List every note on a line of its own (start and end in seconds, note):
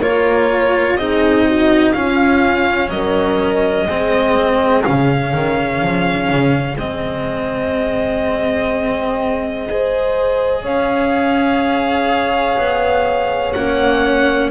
0.00 0.95 A#3
0.00 0.99 F4
0.00 0.97 A#4
0.00 0.97 C#5
0.95 1.92 C4
0.95 1.95 D#4
0.95 1.46 G#4
0.95 1.93 D#5
1.47 1.93 F#4
1.93 2.90 C#4
1.93 3.88 C#4
1.93 2.90 F4
1.93 2.90 F5
2.90 3.86 F#3
2.90 3.89 A#4
2.90 4.83 D#5
3.87 4.84 G#3
3.87 4.84 C4
3.87 9.69 G#4
4.84 5.33 C#3
4.84 6.77 C#4
4.84 6.78 F5
5.33 5.82 D#3
5.82 6.30 F3
6.30 6.77 C#3
6.77 10.63 G#3
6.77 9.69 C4
6.77 10.65 D#5
9.69 13.56 G#4
9.69 10.63 C5
10.63 12.57 C#4
10.63 14.50 C#5
10.63 13.53 F5
12.57 13.54 B3
13.53 14.51 A#3
13.53 14.51 C#4
13.53 14.50 F#5